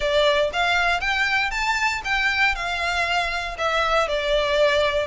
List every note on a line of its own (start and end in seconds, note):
0.00 0.50 D5
0.52 1.00 F5
1.00 1.50 G5
1.50 2.01 A5
2.04 2.55 G5
2.55 3.57 F5
3.58 4.07 E5
4.07 5.06 D5